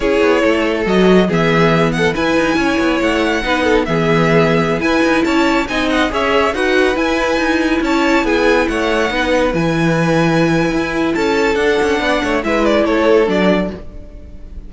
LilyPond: <<
  \new Staff \with { instrumentName = "violin" } { \time 4/4 \tempo 4 = 140 cis''2 dis''4 e''4~ | e''8 fis''8 gis''2 fis''4~ | fis''4 e''2~ e''16 gis''8.~ | gis''16 a''4 gis''8 fis''8 e''4 fis''8.~ |
fis''16 gis''2 a''4 gis''8.~ | gis''16 fis''2 gis''4.~ gis''16~ | gis''2 a''4 fis''4~ | fis''4 e''8 d''8 cis''4 d''4 | }
  \new Staff \with { instrumentName = "violin" } { \time 4/4 gis'4 a'2 gis'4~ | gis'8 a'8 b'4 cis''2 | b'8 a'8 gis'2~ gis'16 b'8.~ | b'16 cis''4 dis''4 cis''4 b'8.~ |
b'2~ b'16 cis''4 gis'8.~ | gis'16 cis''4 b'2~ b'8.~ | b'2 a'2 | d''8 cis''8 b'4 a'2 | }
  \new Staff \with { instrumentName = "viola" } { \time 4/4 e'2 fis'4 b4~ | b4 e'2. | dis'4 b2~ b16 e'8.~ | e'4~ e'16 dis'4 gis'4 fis'8.~ |
fis'16 e'2.~ e'8.~ | e'4~ e'16 dis'4 e'4.~ e'16~ | e'2. d'4~ | d'4 e'2 d'4 | }
  \new Staff \with { instrumentName = "cello" } { \time 4/4 cis'8 b8 a4 fis4 e4~ | e4 e'8 dis'8 cis'8 b8 a4 | b4 e2~ e16 e'8 dis'16~ | dis'16 cis'4 c'4 cis'4 dis'8.~ |
dis'16 e'4 dis'4 cis'4 b8.~ | b16 a4 b4 e4.~ e16~ | e4 e'4 cis'4 d'8 cis'8 | b8 a8 gis4 a4 fis4 | }
>>